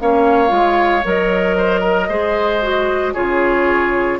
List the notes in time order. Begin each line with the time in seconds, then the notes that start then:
0.00 A#3 C#4 C#5 F5
0.48 G#3 F4
1.05 F#3 A#4 D#5
1.57 C5
1.81 A#4
2.09 G#3 G#4 C5
2.62 F#4
3.14 C#3 F4 G#4 C#5